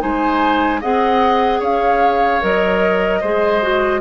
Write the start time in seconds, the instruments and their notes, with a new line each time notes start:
0.00 bassoon G#3, clarinet D#4, oboe C5, flute G#5
0.80 bassoon C4, clarinet G#4, oboe D#5, flute F#5
1.59 bassoon C#4, oboe C#5, flute F5
2.41 bassoon F#3, clarinet A#4, flute D#5
3.20 bassoon G#3, clarinet G#4, oboe C5
3.62 clarinet F#4